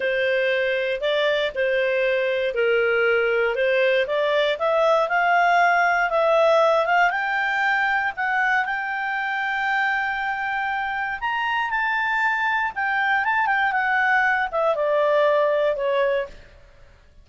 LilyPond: \new Staff \with { instrumentName = "clarinet" } { \time 4/4 \tempo 4 = 118 c''2 d''4 c''4~ | c''4 ais'2 c''4 | d''4 e''4 f''2 | e''4. f''8 g''2 |
fis''4 g''2.~ | g''2 ais''4 a''4~ | a''4 g''4 a''8 g''8 fis''4~ | fis''8 e''8 d''2 cis''4 | }